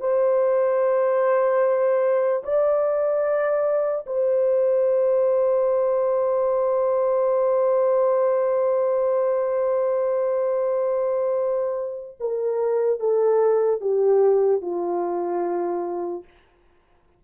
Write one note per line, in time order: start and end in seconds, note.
0.00 2.43 C5
2.44 4.06 D5
4.07 12.17 C5
12.20 13.00 A#4
13.00 13.81 A4
13.81 14.62 G4
14.62 16.24 F4